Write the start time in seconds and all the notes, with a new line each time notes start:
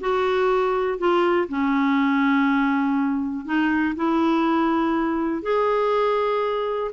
0.00 F#4
0.98 F4
1.48 C#4
3.45 D#4
3.95 E4
5.42 G#4